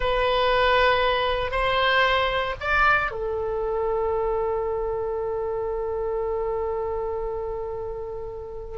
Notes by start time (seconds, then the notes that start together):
0.00 B4
1.51 C5
2.60 D5
3.11 A4